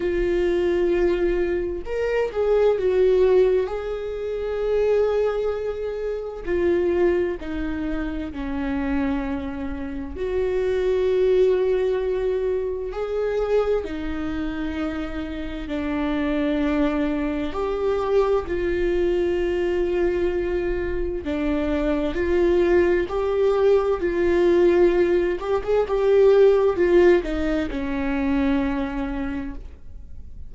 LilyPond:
\new Staff \with { instrumentName = "viola" } { \time 4/4 \tempo 4 = 65 f'2 ais'8 gis'8 fis'4 | gis'2. f'4 | dis'4 cis'2 fis'4~ | fis'2 gis'4 dis'4~ |
dis'4 d'2 g'4 | f'2. d'4 | f'4 g'4 f'4. g'16 gis'16 | g'4 f'8 dis'8 cis'2 | }